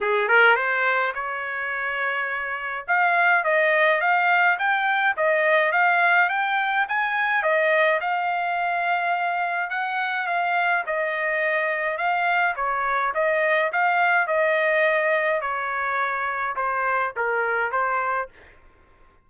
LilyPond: \new Staff \with { instrumentName = "trumpet" } { \time 4/4 \tempo 4 = 105 gis'8 ais'8 c''4 cis''2~ | cis''4 f''4 dis''4 f''4 | g''4 dis''4 f''4 g''4 | gis''4 dis''4 f''2~ |
f''4 fis''4 f''4 dis''4~ | dis''4 f''4 cis''4 dis''4 | f''4 dis''2 cis''4~ | cis''4 c''4 ais'4 c''4 | }